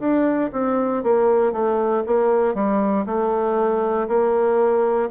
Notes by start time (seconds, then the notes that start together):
0.00 D4
0.53 C4
1.04 A#3
1.53 A3
2.07 A#3
2.55 G3
3.06 A3
4.08 A#3